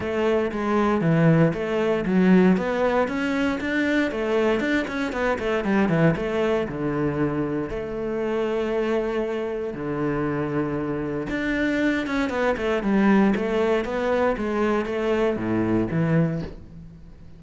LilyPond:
\new Staff \with { instrumentName = "cello" } { \time 4/4 \tempo 4 = 117 a4 gis4 e4 a4 | fis4 b4 cis'4 d'4 | a4 d'8 cis'8 b8 a8 g8 e8 | a4 d2 a4~ |
a2. d4~ | d2 d'4. cis'8 | b8 a8 g4 a4 b4 | gis4 a4 a,4 e4 | }